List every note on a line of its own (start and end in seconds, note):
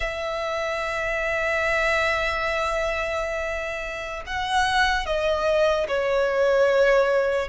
0.00 4.23 E5
4.26 5.05 F#5
5.05 5.86 D#5
5.87 7.48 C#5